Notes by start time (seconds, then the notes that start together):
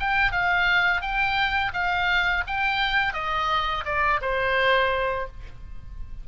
0.00 G5
0.32 F5
1.01 G5
1.74 F5
2.47 G5
3.14 D#5
3.85 D5
4.22 C5